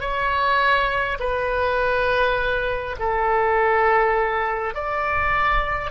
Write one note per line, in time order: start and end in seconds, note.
0.00 1.18 C#5
1.19 2.96 B4
2.99 4.74 A4
4.74 5.90 D5